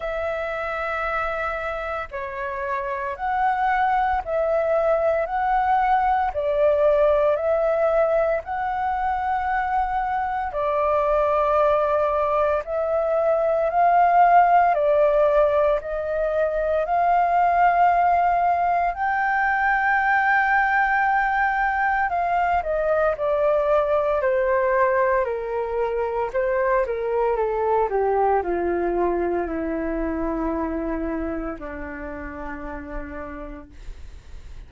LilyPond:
\new Staff \with { instrumentName = "flute" } { \time 4/4 \tempo 4 = 57 e''2 cis''4 fis''4 | e''4 fis''4 d''4 e''4 | fis''2 d''2 | e''4 f''4 d''4 dis''4 |
f''2 g''2~ | g''4 f''8 dis''8 d''4 c''4 | ais'4 c''8 ais'8 a'8 g'8 f'4 | e'2 d'2 | }